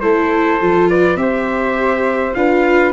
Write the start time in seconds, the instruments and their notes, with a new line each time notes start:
0.00 tuba A3, viola E4, flute A4, trumpet C5
0.60 tuba F3, viola F4
0.89 flute B4, trumpet D5
1.16 tuba C4, viola G4, flute C5, trumpet E5
2.34 tuba D4, viola F4, flute B4, trumpet F5